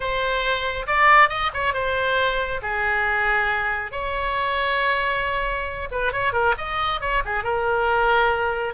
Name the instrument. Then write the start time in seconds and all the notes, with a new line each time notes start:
oboe
0.00 C5
0.87 D5
1.29 D#5
1.53 C#5
1.73 C5
2.62 G#4
3.91 C#5
5.91 B4
6.12 C#5
6.33 A#4
6.57 D#5
7.00 C#5
7.25 G#4
7.43 A#4